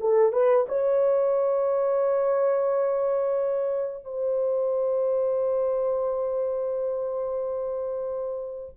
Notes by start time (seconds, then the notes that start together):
0.00 A4
0.32 B4
0.68 C#5
4.04 C5